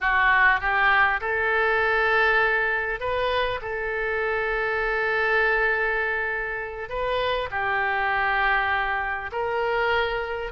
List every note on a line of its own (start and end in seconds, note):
0.01 0.60 F#4
0.60 1.20 G4
1.20 3.00 A4
3.00 3.60 B4
3.61 6.89 A4
6.89 7.49 B4
7.51 9.31 G4
9.32 10.52 A#4